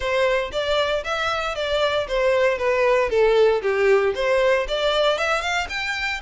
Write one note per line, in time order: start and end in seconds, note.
0.00 0.51 C5
0.52 1.03 D5
1.03 1.55 E5
1.55 2.07 D5
2.08 2.58 C5
2.58 3.09 B4
3.09 3.61 A4
3.62 4.13 G4
4.14 4.66 C5
4.68 5.18 D5
5.18 5.41 E5
5.41 5.67 F5
5.69 6.20 G5